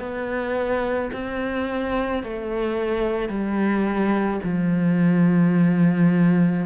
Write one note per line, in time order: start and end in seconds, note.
0.00 1.11 B3
1.13 2.24 C4
2.24 3.29 A3
3.29 4.40 G3
4.44 6.67 F3